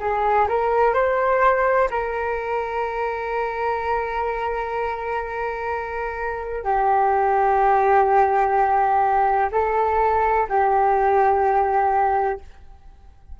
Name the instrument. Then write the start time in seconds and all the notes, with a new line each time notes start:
flute
0.00 G#4
0.49 A#4
0.94 C5
1.91 A#4
6.64 G4
9.52 A4
10.49 G4